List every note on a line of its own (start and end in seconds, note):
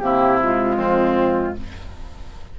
0.00 0.77 C3
0.00 0.40 A#3
0.00 0.76 E4
0.00 0.39 G4
0.41 1.58 G#3
0.41 1.59 F4
0.76 1.55 F2
0.76 1.54 C4